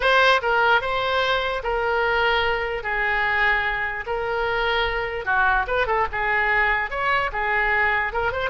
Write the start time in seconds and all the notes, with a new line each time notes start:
0.00 C5
0.42 A#4
0.81 C5
1.63 A#4
2.83 G#4
4.06 A#4
5.25 F#4
5.67 B4
5.86 A4
6.11 G#4
6.90 C#5
7.32 G#4
8.12 A#4
8.31 C5